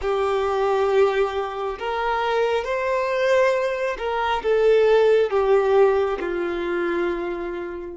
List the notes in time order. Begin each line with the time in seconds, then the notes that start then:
0.01 G4
1.78 A#4
2.64 C5
3.98 A#4
4.42 A4
5.30 G4
6.20 F4